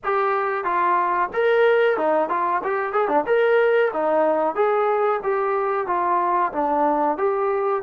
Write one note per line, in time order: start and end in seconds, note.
0.04 0.64 G4
0.64 1.29 F4
1.33 1.97 A#4
1.97 2.29 D#4
2.29 2.61 F4
2.63 2.92 G4
2.92 3.08 G#4
3.08 3.24 D4
3.26 3.91 A#4
3.93 4.55 D#4
4.55 5.20 G#4
5.23 5.87 G4
5.87 6.52 F4
6.52 7.17 D4
7.17 7.82 G4